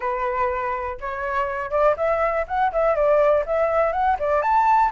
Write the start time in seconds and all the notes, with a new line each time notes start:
0.00 B4
1.00 C#5
1.70 D5
1.96 E5
2.47 F#5
2.72 E5
2.95 D5
3.46 E5
3.92 F#5
4.19 D5
4.42 A5